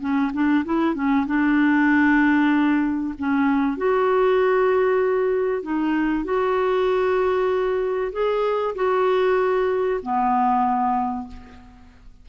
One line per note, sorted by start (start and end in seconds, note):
0.00 0.31 C#4
0.33 0.64 D4
0.64 0.95 E4
0.95 1.26 C#4
1.26 3.14 D4
3.18 3.77 C#4
3.77 5.62 F#4
5.62 6.24 D#4
6.24 8.12 F#4
8.12 8.74 G#4
8.75 10.00 F#4
10.02 11.27 B3